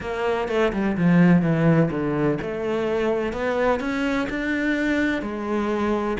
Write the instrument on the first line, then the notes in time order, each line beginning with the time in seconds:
cello
0.00 A#3
0.48 A3
0.73 G3
0.97 F3
1.42 E3
1.90 D3
2.41 A3
3.32 B3
3.80 C#4
4.29 D4
5.22 G#3